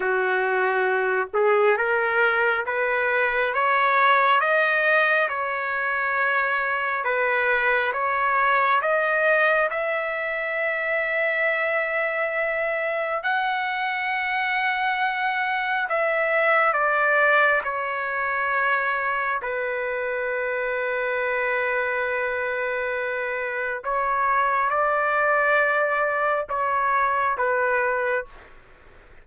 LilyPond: \new Staff \with { instrumentName = "trumpet" } { \time 4/4 \tempo 4 = 68 fis'4. gis'8 ais'4 b'4 | cis''4 dis''4 cis''2 | b'4 cis''4 dis''4 e''4~ | e''2. fis''4~ |
fis''2 e''4 d''4 | cis''2 b'2~ | b'2. cis''4 | d''2 cis''4 b'4 | }